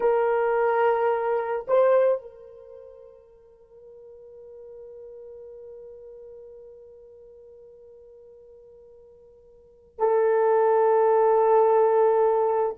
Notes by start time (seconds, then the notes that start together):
0.00 A#4
1.67 C5
2.21 A#4
9.98 A4